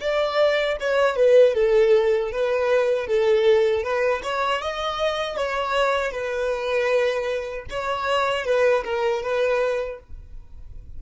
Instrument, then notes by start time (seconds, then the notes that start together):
violin
0.00 D5
0.80 C#5
1.15 B4
1.54 A4
2.31 B4
3.07 A4
3.83 B4
4.23 C#5
4.61 D#5
5.36 C#5
6.11 B4
7.70 C#5
8.45 B4
8.84 A#4
9.22 B4